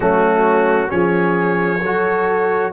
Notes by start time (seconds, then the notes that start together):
0.00 F#3 A3 C#4 F#4
0.88 F3 C#4 G#4 C#5
1.82 F#3 F#4 A4